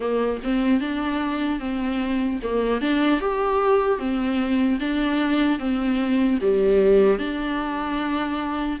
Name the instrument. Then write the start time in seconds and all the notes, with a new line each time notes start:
viola
0.00 A#3
0.43 C4
0.80 D4
1.59 C4
2.43 A#3
2.81 D4
3.20 G4
3.98 C4
4.80 D4
5.59 C4
6.41 G3
7.19 D4